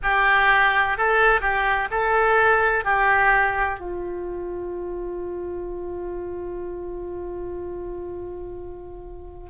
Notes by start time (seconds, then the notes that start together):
0.03 G4
0.97 A4
1.40 G4
1.90 A4
2.84 G4
3.79 F4